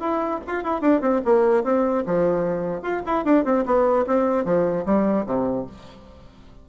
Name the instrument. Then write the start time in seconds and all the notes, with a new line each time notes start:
bassoon
0.00 E4
0.46 F4
0.64 E4
0.81 D4
1.01 C4
1.24 A#3
1.64 C4
2.06 F3
2.82 F4
3.06 E4
3.25 D4
3.45 C4
3.65 B3
4.07 C4
4.45 F3
4.85 G3
5.26 C3